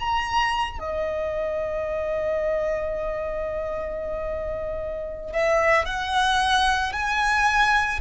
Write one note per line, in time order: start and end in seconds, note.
0.00 0.79 A#5
0.79 5.33 D#5
5.33 5.86 E5
5.86 6.93 F#5
6.93 8.00 G#5